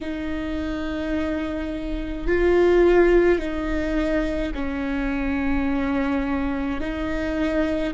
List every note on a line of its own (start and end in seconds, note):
0.00 2.26 D#4
2.26 3.39 F4
3.39 4.52 D#4
4.54 6.80 C#4
6.80 7.93 D#4